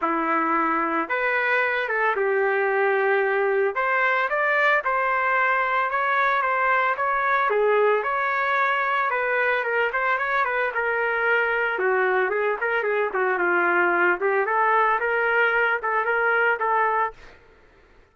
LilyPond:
\new Staff \with { instrumentName = "trumpet" } { \time 4/4 \tempo 4 = 112 e'2 b'4. a'8 | g'2. c''4 | d''4 c''2 cis''4 | c''4 cis''4 gis'4 cis''4~ |
cis''4 b'4 ais'8 c''8 cis''8 b'8 | ais'2 fis'4 gis'8 ais'8 | gis'8 fis'8 f'4. g'8 a'4 | ais'4. a'8 ais'4 a'4 | }